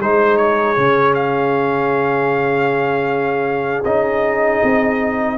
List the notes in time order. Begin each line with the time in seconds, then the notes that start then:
0.00 G#3 D#4 G#4 C5
0.37 C#5
0.77 C#3 C#4
1.15 F5
3.85 C#4 D#4 D#5
4.63 C4